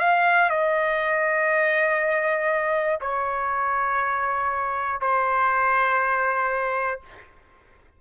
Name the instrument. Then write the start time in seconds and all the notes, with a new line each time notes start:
trumpet
0.00 F5
0.50 D#5
3.01 C#5
5.01 C5